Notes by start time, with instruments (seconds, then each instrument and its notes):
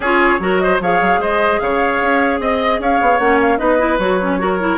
0.00 bassoon C#4, clarinet F4, oboe G#4, flute C#5
0.39 bassoon F#3, clarinet F#4, oboe A#4
0.58 oboe C5, flute D#5
0.80 bassoon F3, clarinet G#4, oboe C#5, flute F5
1.01 bassoon F#3
1.18 bassoon G#3, oboe C5, flute D#5
1.59 bassoon C#3, oboe C#5, flute F5
2.01 bassoon C#4
2.39 bassoon C4, oboe D#5, flute D#5
2.79 bassoon C#4, oboe C#5, flute F5
3.01 bassoon B3
3.19 bassoon A#3, clarinet C#4, flute F#5
3.41 flute F5
3.57 bassoon B3, clarinet D#4, oboe B4, flute D#5
3.78 clarinet E4
3.98 bassoon F#3, clarinet F#4, flute C#5
4.21 clarinet C#4
4.39 clarinet F#4, oboe A#4
4.59 clarinet E4